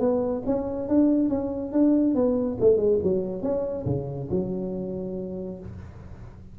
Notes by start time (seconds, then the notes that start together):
0.00 B3
0.46 C#4
0.89 D4
1.30 C#4
1.73 D4
2.15 B3
2.61 A3
2.78 G#3
3.04 F#3
3.43 C#4
3.86 C#3
4.31 F#3